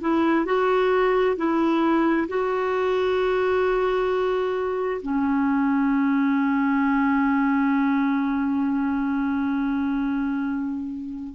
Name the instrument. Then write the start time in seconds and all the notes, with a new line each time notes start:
clarinet
0.00 E4
0.45 F#4
1.36 E4
2.28 F#4
5.01 C#4